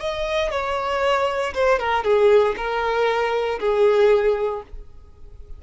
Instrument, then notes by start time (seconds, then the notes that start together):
violin
0.00 D#5
0.51 C#5
1.54 C5
1.79 A#4
2.04 G#4
2.57 A#4
3.60 G#4